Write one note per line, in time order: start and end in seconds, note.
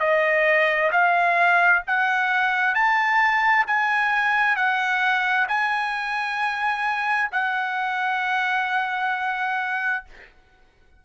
0.00 0.91 D#5
0.92 1.83 F5
1.87 2.75 F#5
2.75 3.66 A5
3.67 4.56 G#5
4.56 5.47 F#5
5.48 7.30 G#5
7.32 10.05 F#5